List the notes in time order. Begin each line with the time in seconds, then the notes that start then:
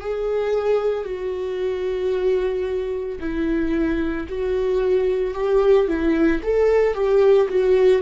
0.00 G#4
1.04 F#4
3.20 E4
4.28 F#4
5.34 G4
5.88 E4
6.43 A4
6.94 G4
7.49 F#4